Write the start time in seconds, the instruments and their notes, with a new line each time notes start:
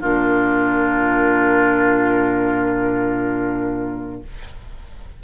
0.00 bassoon A#2, clarinet D4, oboe F4, flute A#4